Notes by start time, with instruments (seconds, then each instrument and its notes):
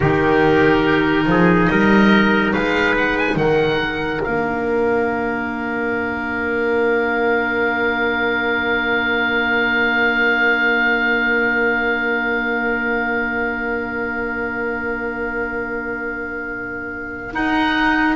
0.00 double bass D#3, clarinet D#4, trumpet G4, oboe A#4
1.26 double bass F3, trumpet G#4
1.66 double bass G3, trumpet A#4, oboe D#5
2.52 double bass G#3, trumpet B4, oboe F5
2.97 oboe F#5
3.18 oboe G#5
3.35 double bass D#3, trumpet A#4, oboe F#5
4.22 double bass A#3, clarinet D4, oboe F5
17.33 clarinet D#4, double bass D#4, oboe F#5